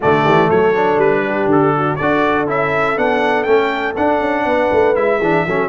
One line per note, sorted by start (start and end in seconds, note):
0.00 0.24 D3
0.00 0.75 A3
0.00 0.22 F#4
0.00 0.50 D5
0.24 0.49 E3
0.24 0.48 G4
0.48 0.97 F#3
0.48 1.23 A4
0.48 0.99 C#5
0.75 1.99 D4
0.97 1.46 G3
0.97 1.49 B4
1.26 1.76 G4
1.46 1.95 D3
1.46 1.95 A4
1.77 1.98 F#4
1.95 2.48 D4
1.95 4.45 A4
1.95 2.45 D5
2.01 2.47 F#4
2.47 2.97 C#4
2.47 2.96 E4
2.47 2.97 E5
2.96 3.46 B3
2.96 3.46 D4
2.96 3.43 F#5
3.43 3.95 A3
3.43 3.95 C#4
3.43 3.92 G5
3.96 4.95 D4
3.96 4.20 D4
3.96 4.95 F#5
4.20 4.45 C#4
4.45 4.69 B3
4.45 5.20 B4
4.72 4.96 A3
4.95 5.20 G#3
4.95 5.20 E4
4.95 5.68 E5
5.20 5.45 E3
5.20 5.47 D4
5.20 5.45 G#4
5.45 5.68 F#3
5.45 5.68 C#4
5.45 5.68 A4